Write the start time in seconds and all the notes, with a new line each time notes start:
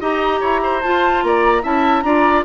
0.00 D#4 G4 D#5 A#5
0.40 E4 C#5
0.63 C5
0.82 F4 A5
1.23 A#3 D5 A#5
1.62 C#4 E4 E5 A5
2.01 D4 F4 D5 A#5